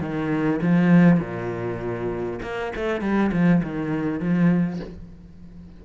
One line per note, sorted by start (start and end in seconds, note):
0.00 0.60 D#3
0.62 1.19 F3
1.19 2.39 A#2
2.42 2.72 A#3
2.75 3.01 A3
3.01 3.31 G3
3.32 3.62 F3
3.63 4.19 D#3
4.19 4.79 F3